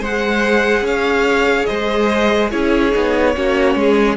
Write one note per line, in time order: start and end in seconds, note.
0.00 0.82 G#3
0.00 2.52 G#4
0.00 0.84 C5
0.00 0.87 F#5
0.82 1.65 C#4
0.82 1.68 C#5
0.82 1.66 F5
1.66 2.53 G#3
1.66 2.50 C5
1.66 2.49 D#5
2.50 2.95 C#4
2.50 2.93 E4
2.50 3.34 G#4
2.50 4.17 C#5
2.93 3.37 B3
2.93 3.34 D#4
3.36 3.76 A#3
3.36 4.17 C#4
3.36 3.78 F#4
3.76 4.17 G#3
3.76 4.17 G#4